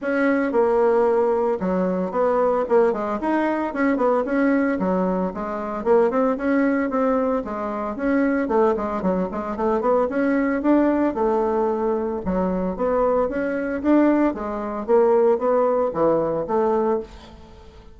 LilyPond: \new Staff \with { instrumentName = "bassoon" } { \time 4/4 \tempo 4 = 113 cis'4 ais2 fis4 | b4 ais8 gis8 dis'4 cis'8 b8 | cis'4 fis4 gis4 ais8 c'8 | cis'4 c'4 gis4 cis'4 |
a8 gis8 fis8 gis8 a8 b8 cis'4 | d'4 a2 fis4 | b4 cis'4 d'4 gis4 | ais4 b4 e4 a4 | }